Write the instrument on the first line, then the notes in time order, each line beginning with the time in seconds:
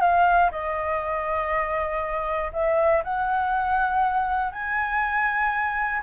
flute
0.00 F5
0.51 D#5
2.52 E5
3.03 F#5
4.52 G#5